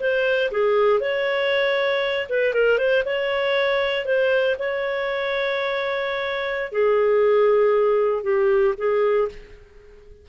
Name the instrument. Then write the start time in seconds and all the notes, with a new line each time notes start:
clarinet
0.00 C5
0.51 G#4
1.00 C#5
2.29 B4
2.54 A#4
2.78 C5
3.05 C#5
4.05 C5
4.59 C#5
6.72 G#4
8.23 G4
8.78 G#4